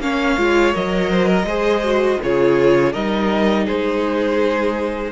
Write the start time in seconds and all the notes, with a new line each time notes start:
0.00 A#3 C#4 C#5 F5
0.38 G#3 F4
0.74 F#3 A#4 D#5
1.12 C5
1.28 A#4
1.45 G#3 G#4 C5
1.84 F#4
2.23 C#3 F4 G#4 C#5
2.93 G3 D#4 A#4 D#5
3.66 G#3 G#4 C5